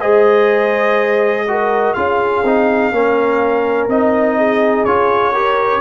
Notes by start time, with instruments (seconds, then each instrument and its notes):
0.00 tuba G#3, trombone G#4, horn C5, trumpet D#5
1.48 trombone F#4, horn A#4
1.93 tuba C#4, trombone F4, horn G#4, trumpet F5
2.43 tuba C4, trombone D#4
2.91 tuba A#3, trombone C#4, horn A#4
3.87 tuba C4, trombone D#4, trumpet D#5
4.38 horn G#4
4.84 tuba C#4, trombone F4, trumpet C#5
5.32 trombone G4, horn A#4